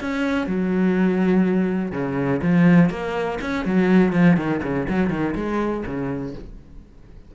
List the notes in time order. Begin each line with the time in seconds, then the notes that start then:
0.00 C#4
0.47 F#3
1.92 C#3
2.42 F3
2.90 A#3
3.41 C#4
3.65 F#3
4.12 F3
4.36 D#3
4.63 C#3
4.89 F#3
5.10 D#3
5.35 G#3
5.86 C#3